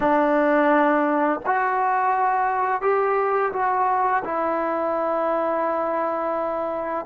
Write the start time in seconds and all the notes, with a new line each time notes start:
0.00 D4
1.46 F#4
2.81 G4
3.52 F#4
4.24 E4